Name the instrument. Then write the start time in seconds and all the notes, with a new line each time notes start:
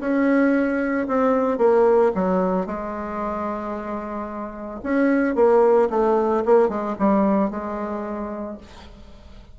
bassoon
0.00 C#4
1.08 C4
1.58 A#3
2.15 F#3
2.67 G#3
4.83 C#4
5.35 A#3
5.90 A3
6.45 A#3
6.69 G#3
6.99 G3
7.51 G#3